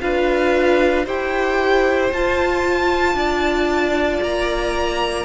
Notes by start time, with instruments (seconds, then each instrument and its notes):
0.00 cello D4, viola F4, violin B4 F5
1.05 cello E4, viola G4, violin C5 G5
2.12 cello F4, viola F4, violin A5
3.14 cello D4, violin D5
4.22 cello A#3, violin A#5